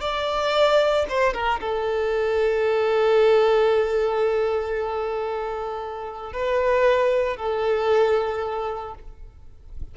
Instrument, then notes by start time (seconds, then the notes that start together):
violin
0.00 D5
1.09 C5
1.33 A#4
1.60 A4
6.33 B4
7.36 A4